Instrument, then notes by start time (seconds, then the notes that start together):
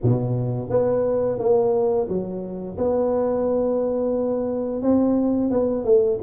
tuba
0.03 B2
0.69 B3
1.39 A#3
2.08 F#3
2.77 B3
4.82 C4
5.50 B3
5.84 A3